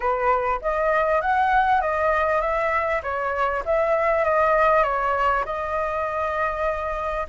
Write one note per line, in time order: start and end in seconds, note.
0.00 0.60 B4
0.61 1.21 D#5
1.21 1.81 F#5
1.81 2.41 D#5
2.41 3.01 E5
3.02 3.63 C#5
3.65 4.24 E5
4.24 4.83 D#5
4.83 5.44 C#5
5.45 7.26 D#5